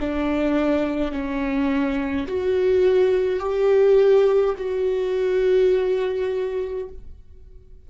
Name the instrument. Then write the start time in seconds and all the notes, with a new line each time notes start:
viola
0.00 D4
1.12 C#4
2.27 F#4
3.40 G4
4.58 F#4